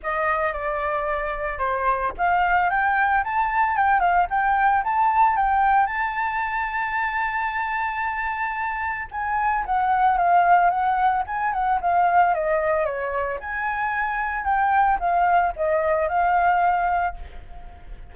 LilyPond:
\new Staff \with { instrumentName = "flute" } { \time 4/4 \tempo 4 = 112 dis''4 d''2 c''4 | f''4 g''4 a''4 g''8 f''8 | g''4 a''4 g''4 a''4~ | a''1~ |
a''4 gis''4 fis''4 f''4 | fis''4 gis''8 fis''8 f''4 dis''4 | cis''4 gis''2 g''4 | f''4 dis''4 f''2 | }